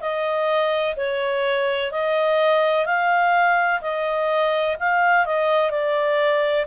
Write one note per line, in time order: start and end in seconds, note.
0.00 0.95 D#5
0.96 1.91 C#5
1.92 2.86 D#5
2.86 3.81 F5
3.81 4.77 D#5
4.80 5.26 F5
5.26 5.70 D#5
5.70 6.65 D5